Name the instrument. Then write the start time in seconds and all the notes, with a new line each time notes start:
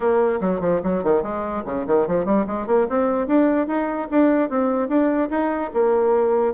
bassoon
0.00 A#3
0.40 F#3
0.60 F3
0.83 F#3
1.03 D#3
1.22 G#3
1.65 C#3
1.86 D#3
2.07 F3
2.25 G3
2.46 G#3
2.66 A#3
2.89 C4
3.27 D4
3.67 D#4
4.10 D4
4.49 C4
4.88 D4
5.29 D#4
5.73 A#3